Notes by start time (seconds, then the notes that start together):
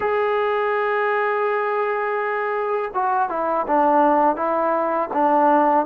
0.00 G#4
2.93 F#4
3.29 E4
3.67 D4
4.36 E4
5.13 D4